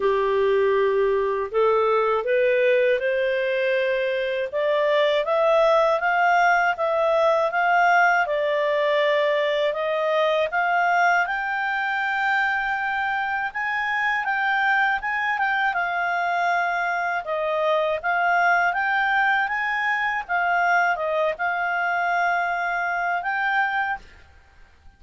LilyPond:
\new Staff \with { instrumentName = "clarinet" } { \time 4/4 \tempo 4 = 80 g'2 a'4 b'4 | c''2 d''4 e''4 | f''4 e''4 f''4 d''4~ | d''4 dis''4 f''4 g''4~ |
g''2 gis''4 g''4 | gis''8 g''8 f''2 dis''4 | f''4 g''4 gis''4 f''4 | dis''8 f''2~ f''8 g''4 | }